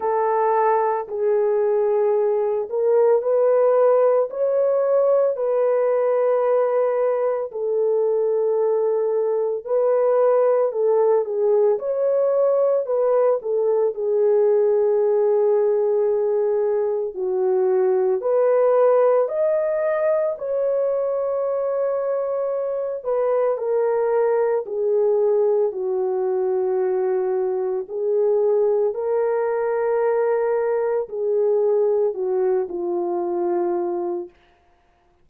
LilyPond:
\new Staff \with { instrumentName = "horn" } { \time 4/4 \tempo 4 = 56 a'4 gis'4. ais'8 b'4 | cis''4 b'2 a'4~ | a'4 b'4 a'8 gis'8 cis''4 | b'8 a'8 gis'2. |
fis'4 b'4 dis''4 cis''4~ | cis''4. b'8 ais'4 gis'4 | fis'2 gis'4 ais'4~ | ais'4 gis'4 fis'8 f'4. | }